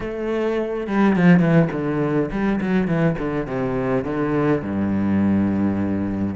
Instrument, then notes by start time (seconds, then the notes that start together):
cello
0.00 A3
0.87 G3
1.16 F3
1.39 E3
1.72 D3
2.31 G3
2.60 F#3
2.87 E3
3.18 D3
3.46 C3
4.04 D3
4.62 G2